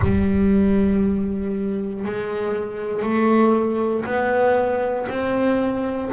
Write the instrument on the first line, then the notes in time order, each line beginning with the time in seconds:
double bass
0.01 G3
2.04 G#3
3.02 A3
4.04 B3
5.08 C4